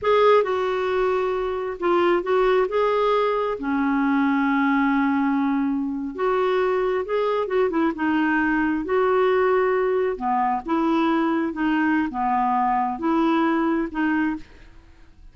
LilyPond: \new Staff \with { instrumentName = "clarinet" } { \time 4/4 \tempo 4 = 134 gis'4 fis'2. | f'4 fis'4 gis'2 | cis'1~ | cis'4.~ cis'16 fis'2 gis'16~ |
gis'8. fis'8 e'8 dis'2 fis'16~ | fis'2~ fis'8. b4 e'16~ | e'4.~ e'16 dis'4~ dis'16 b4~ | b4 e'2 dis'4 | }